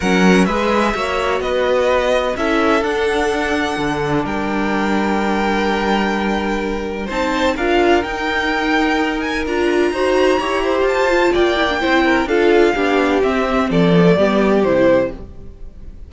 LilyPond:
<<
  \new Staff \with { instrumentName = "violin" } { \time 4/4 \tempo 4 = 127 fis''4 e''2 dis''4~ | dis''4 e''4 fis''2~ | fis''4 g''2.~ | g''2. a''4 |
f''4 g''2~ g''8 gis''8 | ais''2. a''4 | g''2 f''2 | e''4 d''2 c''4 | }
  \new Staff \with { instrumentName = "violin" } { \time 4/4 ais'4 b'4 cis''4 b'4~ | b'4 a'2.~ | a'4 ais'2.~ | ais'2. c''4 |
ais'1~ | ais'4 c''4 cis''8 c''4. | d''4 c''8 ais'8 a'4 g'4~ | g'4 a'4 g'2 | }
  \new Staff \with { instrumentName = "viola" } { \time 4/4 cis'4 gis'4 fis'2~ | fis'4 e'4 d'2~ | d'1~ | d'2. dis'4 |
f'4 dis'2. | f'4 fis'4 g'4. f'8~ | f'8 e'16 d'16 e'4 f'4 d'4 | c'4. b16 a16 b4 e'4 | }
  \new Staff \with { instrumentName = "cello" } { \time 4/4 fis4 gis4 ais4 b4~ | b4 cis'4 d'2 | d4 g2.~ | g2. c'4 |
d'4 dis'2. | d'4 dis'4 e'4 f'4 | ais4 c'4 d'4 b4 | c'4 f4 g4 c4 | }
>>